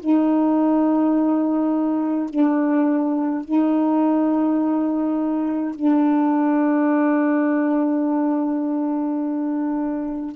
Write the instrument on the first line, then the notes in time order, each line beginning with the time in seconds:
saxophone
0.00 D#4
2.30 D4
3.45 D#4
5.75 D4